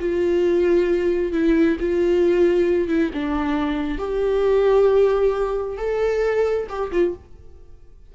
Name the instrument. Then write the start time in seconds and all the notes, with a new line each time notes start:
viola
0.00 F4
1.32 E4
1.80 F4
2.88 E4
3.13 D4
3.98 G4
5.77 A4
6.69 G4
6.92 F4